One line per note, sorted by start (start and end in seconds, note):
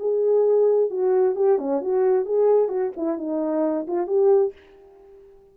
0.00 0.91 G#4
0.91 1.36 F#4
1.36 1.59 G4
1.59 1.82 C#4
1.82 2.26 F#4
2.26 2.69 G#4
2.69 2.92 F#4
2.97 3.18 E4
3.18 3.87 D#4
3.88 4.07 F4
4.07 4.53 G4